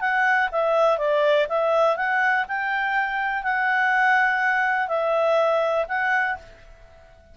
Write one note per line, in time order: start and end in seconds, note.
0.00 0.49 F#5
0.51 0.98 E5
0.98 1.47 D5
1.49 1.96 E5
1.96 2.45 F#5
2.48 3.43 G5
3.43 4.88 F#5
4.88 5.85 E5
5.88 6.37 F#5